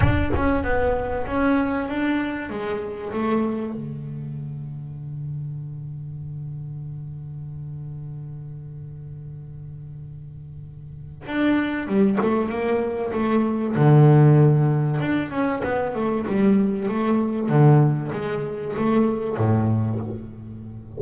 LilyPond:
\new Staff \with { instrumentName = "double bass" } { \time 4/4 \tempo 4 = 96 d'8 cis'8 b4 cis'4 d'4 | gis4 a4 d2~ | d1~ | d1~ |
d2 d'4 g8 a8 | ais4 a4 d2 | d'8 cis'8 b8 a8 g4 a4 | d4 gis4 a4 a,4 | }